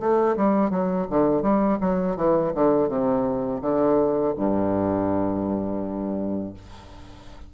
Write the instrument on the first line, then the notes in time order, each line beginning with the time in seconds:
bassoon
0.00 A3
0.37 G3
0.70 F#3
1.10 D3
1.43 G3
1.81 F#3
2.17 E3
2.55 D3
2.89 C3
3.62 D3
4.37 G2